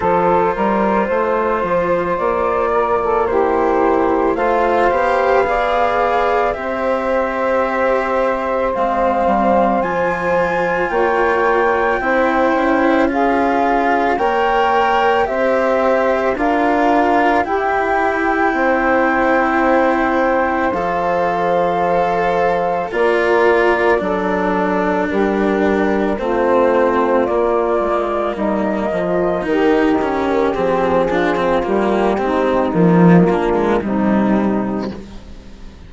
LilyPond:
<<
  \new Staff \with { instrumentName = "flute" } { \time 4/4 \tempo 4 = 55 c''2 d''4 c''4 | f''2 e''2 | f''4 gis''4 g''2 | f''4 g''4 e''4 f''4 |
g''2. f''4~ | f''4 d''2 ais'4 | c''4 d''4 dis''4 ais'4 | gis'4 g'4 f'4 dis'4 | }
  \new Staff \with { instrumentName = "saxophone" } { \time 4/4 a'8 ais'8 c''4. ais'16 a'16 g'4 | c''4 d''4 c''2~ | c''2 cis''4 c''4 | gis'4 cis''4 c''4 ais'4 |
g'4 c''2.~ | c''4 ais'4 a'4 g'4 | f'2 dis'8 f'8 g'4~ | g'8 f'4 dis'4 d'8 dis'4 | }
  \new Staff \with { instrumentName = "cello" } { \time 4/4 f'2. e'4 | f'8 g'8 gis'4 g'2 | c'4 f'2 e'4 | f'4 ais'4 g'4 f'4 |
e'2. a'4~ | a'4 f'4 d'2 | c'4 ais2 dis'8 cis'8 | c'8 d'16 c'16 ais8 c'8 f8 ais16 gis16 g4 | }
  \new Staff \with { instrumentName = "bassoon" } { \time 4/4 f8 g8 a8 f8 ais2 | a8 b4. c'2 | gis8 g8 f4 ais4 c'8 cis'8~ | cis'4 ais4 c'4 d'4 |
e'4 c'2 f4~ | f4 ais4 fis4 g4 | a4 ais8 gis8 g8 f8 dis4 | f4 g8 gis8 ais4 c4 | }
>>